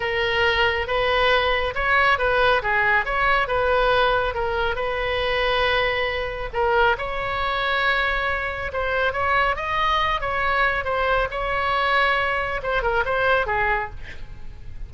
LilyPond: \new Staff \with { instrumentName = "oboe" } { \time 4/4 \tempo 4 = 138 ais'2 b'2 | cis''4 b'4 gis'4 cis''4 | b'2 ais'4 b'4~ | b'2. ais'4 |
cis''1 | c''4 cis''4 dis''4. cis''8~ | cis''4 c''4 cis''2~ | cis''4 c''8 ais'8 c''4 gis'4 | }